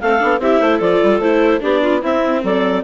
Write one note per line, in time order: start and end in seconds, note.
0.00 0.22 A3
0.00 0.19 C4
0.00 0.41 A4
0.00 0.41 F5
0.19 0.39 B3
0.19 0.39 D4
0.39 0.59 C4
0.39 0.82 E4
0.39 0.60 G4
0.39 0.80 E5
0.60 0.80 A3
0.60 0.77 C5
0.77 1.00 F3
0.77 1.22 F4
0.77 1.58 A4
0.77 1.21 D5
1.03 1.19 G3
1.19 1.59 A3
1.19 1.60 E4
1.19 1.61 C5
1.60 2.03 B3
1.60 2.01 D4
1.60 1.82 G4
1.60 2.02 D5
1.82 2.01 F4
2.01 2.83 C4
2.01 2.43 C4
2.01 2.41 E4
2.01 2.43 E5
2.42 2.84 F#3
2.42 2.83 A4
2.42 2.84 D5